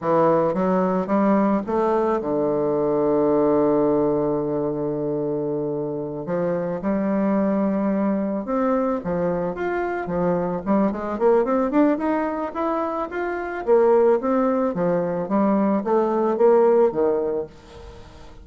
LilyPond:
\new Staff \with { instrumentName = "bassoon" } { \time 4/4 \tempo 4 = 110 e4 fis4 g4 a4 | d1~ | d2.~ d8 f8~ | f8 g2. c'8~ |
c'8 f4 f'4 f4 g8 | gis8 ais8 c'8 d'8 dis'4 e'4 | f'4 ais4 c'4 f4 | g4 a4 ais4 dis4 | }